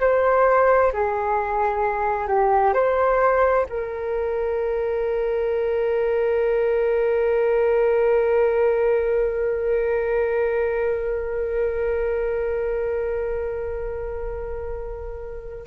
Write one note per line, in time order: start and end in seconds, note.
0.00 0.92 C5
0.93 2.27 G#4
2.27 2.73 G4
2.73 3.65 C5
3.69 15.67 A#4